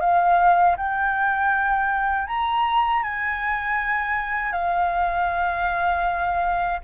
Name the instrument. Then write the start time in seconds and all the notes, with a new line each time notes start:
flute
0.00 F5
0.77 G5
2.27 A#5
3.03 G#5
4.52 F5